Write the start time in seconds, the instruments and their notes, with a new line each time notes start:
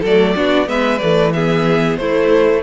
0.00 cello F#3, violin A4 D5
0.07 viola A3
0.35 cello B3, viola D4, violin F#4
0.66 cello G#3, viola B3, violin B4 E5
0.98 cello E3, viola A3, violin D5
1.33 viola B3, violin G#4 E5
1.96 cello A3, viola A3, violin E4 C5